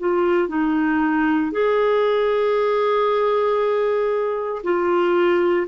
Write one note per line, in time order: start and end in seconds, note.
0.00 0.49 F4
0.49 1.52 D#4
1.52 4.63 G#4
4.64 5.67 F4